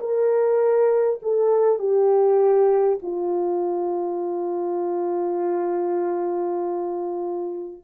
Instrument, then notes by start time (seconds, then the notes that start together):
horn
0.00 A#4
1.23 A4
1.79 G4
3.03 F4